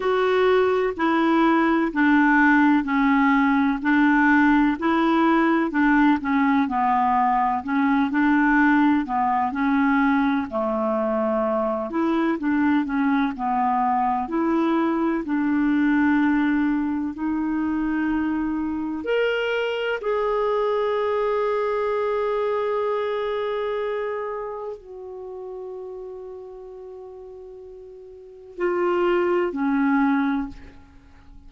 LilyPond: \new Staff \with { instrumentName = "clarinet" } { \time 4/4 \tempo 4 = 63 fis'4 e'4 d'4 cis'4 | d'4 e'4 d'8 cis'8 b4 | cis'8 d'4 b8 cis'4 a4~ | a8 e'8 d'8 cis'8 b4 e'4 |
d'2 dis'2 | ais'4 gis'2.~ | gis'2 fis'2~ | fis'2 f'4 cis'4 | }